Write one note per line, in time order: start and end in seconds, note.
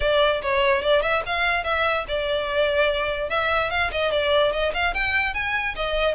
0.00 0.41 D5
0.42 0.82 C#5
0.82 1.02 D5
1.02 1.22 E5
1.26 1.63 F5
1.63 2.05 E5
2.08 3.29 D5
3.29 3.70 E5
3.70 3.90 F5
3.91 4.11 D#5
4.11 4.52 D5
4.52 4.73 D#5
4.73 4.93 F5
4.93 5.33 G5
5.33 5.75 G#5
5.75 6.15 D#5